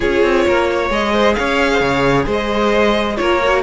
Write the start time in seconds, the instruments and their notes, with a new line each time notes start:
0.00 cello C#4, viola F4, violin G#4 C#5
0.23 cello C4
0.46 cello A#3, violin A#4
0.71 violin C#5
0.90 cello G#3, viola G#4, violin D#5
1.12 violin C5
1.34 cello C#4, violin C#5 F5
1.72 violin C5
1.79 cello C#3, violin C#5
2.26 cello G#3, violin C5
2.32 violin D#5
3.16 cello A#3, viola F4, violin A#4 C#5
3.44 viola F#4